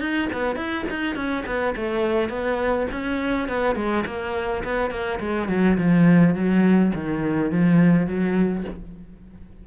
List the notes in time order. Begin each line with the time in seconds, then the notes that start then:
0.00 D#4
0.33 B3
0.56 E4
0.90 D#4
1.16 C#4
1.46 B3
1.76 A3
2.30 B3
2.92 C#4
3.49 B3
3.76 G#3
4.06 A#3
4.64 B3
4.91 A#3
5.20 G#3
5.49 F#3
5.78 F3
6.35 F#3
6.95 D#3
7.52 F3
8.07 F#3